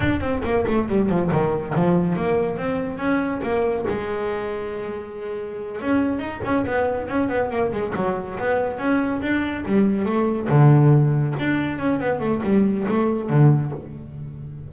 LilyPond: \new Staff \with { instrumentName = "double bass" } { \time 4/4 \tempo 4 = 140 d'8 c'8 ais8 a8 g8 f8 dis4 | f4 ais4 c'4 cis'4 | ais4 gis2.~ | gis4. cis'4 dis'8 cis'8 b8~ |
b8 cis'8 b8 ais8 gis8 fis4 b8~ | b8 cis'4 d'4 g4 a8~ | a8 d2 d'4 cis'8 | b8 a8 g4 a4 d4 | }